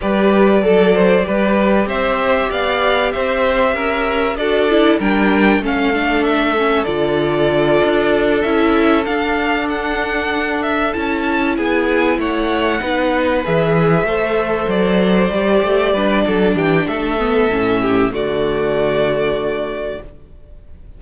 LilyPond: <<
  \new Staff \with { instrumentName = "violin" } { \time 4/4 \tempo 4 = 96 d''2. e''4 | f''4 e''2 d''4 | g''4 f''4 e''4 d''4~ | d''4. e''4 f''4 fis''8~ |
fis''4 e''8 a''4 gis''4 fis''8~ | fis''4. e''2 d''8~ | d''2~ d''8 g''8 e''4~ | e''4 d''2. | }
  \new Staff \with { instrumentName = "violin" } { \time 4/4 b'4 a'8 c''8 b'4 c''4 | d''4 c''4 ais'4 a'4 | ais'4 a'2.~ | a'1~ |
a'2~ a'8 gis'4 cis''8~ | cis''8 b'2 c''4.~ | c''4. b'8 a'8 g'8 a'4~ | a'8 g'8 fis'2. | }
  \new Staff \with { instrumentName = "viola" } { \time 4/4 g'4 a'4 g'2~ | g'2. fis'8 e'8 | d'4 cis'8 d'4 cis'8 f'4~ | f'4. e'4 d'4.~ |
d'4. e'2~ e'8~ | e'8 dis'4 gis'4 a'4.~ | a'8 g'4 d'2 b8 | cis'4 a2. | }
  \new Staff \with { instrumentName = "cello" } { \time 4/4 g4 fis4 g4 c'4 | b4 c'4 cis'4 d'4 | g4 a2 d4~ | d8 d'4 cis'4 d'4.~ |
d'4. cis'4 b4 a8~ | a8 b4 e4 a4 fis8~ | fis8 g8 a8 g8 fis8 e8 a4 | a,4 d2. | }
>>